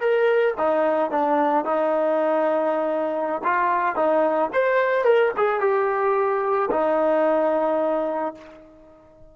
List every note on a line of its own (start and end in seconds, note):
0.00 0.55 A#4
0.58 1.11 D#4
1.11 1.65 D4
1.65 3.42 D#4
3.44 3.96 F4
3.96 4.50 D#4
4.53 5.05 C5
5.05 5.32 A#4
5.37 5.61 G#4
5.61 6.70 G4
6.71 8.35 D#4